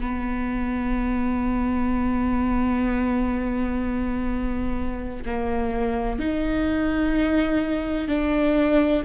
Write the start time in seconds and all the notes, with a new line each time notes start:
0.00 B3
5.26 A#3
6.19 D#4
8.08 D4